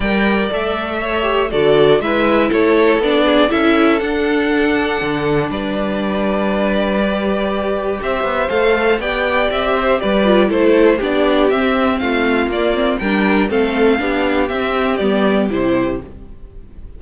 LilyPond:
<<
  \new Staff \with { instrumentName = "violin" } { \time 4/4 \tempo 4 = 120 g''4 e''2 d''4 | e''4 cis''4 d''4 e''4 | fis''2. d''4~ | d''1 |
e''4 f''4 g''4 e''4 | d''4 c''4 d''4 e''4 | f''4 d''4 g''4 f''4~ | f''4 e''4 d''4 c''4 | }
  \new Staff \with { instrumentName = "violin" } { \time 4/4 d''2 cis''4 a'4 | b'4 a'4. gis'8 a'4~ | a'2. b'4~ | b'1 |
c''2 d''4. c''8 | b'4 a'4 g'2 | f'2 ais'4 a'4 | g'1 | }
  \new Staff \with { instrumentName = "viola" } { \time 4/4 ais'4 a'4. g'8 fis'4 | e'2 d'4 e'4 | d'1~ | d'2 g'2~ |
g'4 a'4 g'2~ | g'8 f'8 e'4 d'4 c'4~ | c'4 ais8 c'8 d'4 c'4 | d'4 c'4 b4 e'4 | }
  \new Staff \with { instrumentName = "cello" } { \time 4/4 g4 a2 d4 | gis4 a4 b4 cis'4 | d'2 d4 g4~ | g1 |
c'8 b8 a4 b4 c'4 | g4 a4 b4 c'4 | a4 ais4 g4 a4 | b4 c'4 g4 c4 | }
>>